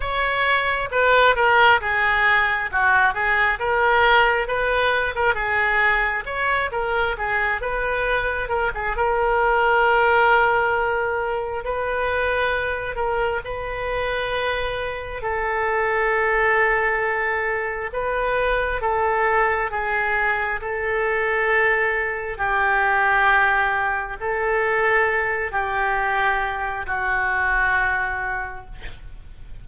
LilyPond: \new Staff \with { instrumentName = "oboe" } { \time 4/4 \tempo 4 = 67 cis''4 b'8 ais'8 gis'4 fis'8 gis'8 | ais'4 b'8. ais'16 gis'4 cis''8 ais'8 | gis'8 b'4 ais'16 gis'16 ais'2~ | ais'4 b'4. ais'8 b'4~ |
b'4 a'2. | b'4 a'4 gis'4 a'4~ | a'4 g'2 a'4~ | a'8 g'4. fis'2 | }